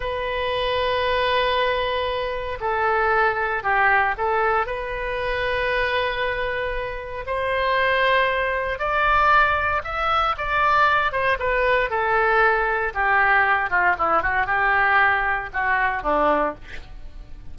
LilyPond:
\new Staff \with { instrumentName = "oboe" } { \time 4/4 \tempo 4 = 116 b'1~ | b'4 a'2 g'4 | a'4 b'2.~ | b'2 c''2~ |
c''4 d''2 e''4 | d''4. c''8 b'4 a'4~ | a'4 g'4. f'8 e'8 fis'8 | g'2 fis'4 d'4 | }